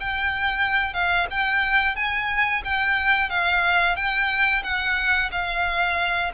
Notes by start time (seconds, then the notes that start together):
0.00 G5
0.93 F5
1.30 G5
1.95 G#5
2.64 G5
3.29 F5
3.96 G5
4.63 F#5
5.31 F5